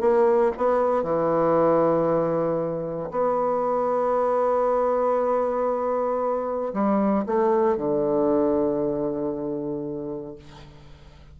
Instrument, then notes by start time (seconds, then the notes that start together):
bassoon
0.00 A#3
0.57 B3
1.03 E3
3.11 B3
6.73 G3
7.26 A3
7.77 D3